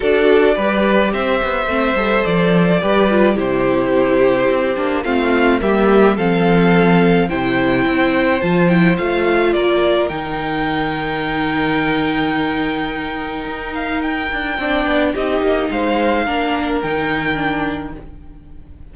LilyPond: <<
  \new Staff \with { instrumentName = "violin" } { \time 4/4 \tempo 4 = 107 d''2 e''2 | d''2 c''2~ | c''4 f''4 e''4 f''4~ | f''4 g''2 a''8 g''8 |
f''4 d''4 g''2~ | g''1~ | g''8 f''8 g''2 dis''4 | f''2 g''2 | }
  \new Staff \with { instrumentName = "violin" } { \time 4/4 a'4 b'4 c''2~ | c''4 b'4 g'2~ | g'4 f'4 g'4 a'4~ | a'4 c''2.~ |
c''4 ais'2.~ | ais'1~ | ais'2 d''4 g'4 | c''4 ais'2. | }
  \new Staff \with { instrumentName = "viola" } { \time 4/4 fis'4 g'2 c'8 a'8~ | a'4 g'8 f'8 e'2~ | e'8 d'8 c'4 ais4 c'4~ | c'4 e'2 f'8 e'8 |
f'2 dis'2~ | dis'1~ | dis'2 d'4 dis'4~ | dis'4 d'4 dis'4 d'4 | }
  \new Staff \with { instrumentName = "cello" } { \time 4/4 d'4 g4 c'8 b8 a8 g8 | f4 g4 c2 | c'8 ais8 a4 g4 f4~ | f4 c4 c'4 f4 |
a4 ais4 dis2~ | dis1 | dis'4. d'8 c'8 b8 c'8 ais8 | gis4 ais4 dis2 | }
>>